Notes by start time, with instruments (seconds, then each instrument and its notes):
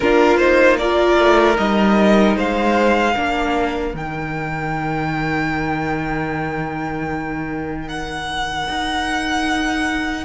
0.00 cello A#3, viola D4, violin F4 A#4
0.37 viola D#4, violin C5
0.77 viola F4, violin A#4 D5
1.18 cello A3
1.56 cello G3, viola D#4, violin D#5
2.36 cello G#3, violin C5 F5
3.14 cello A#3, viola D4, violin A#4
3.93 cello D#3, viola D#4, violin G5
7.88 violin F#5
8.68 cello D#4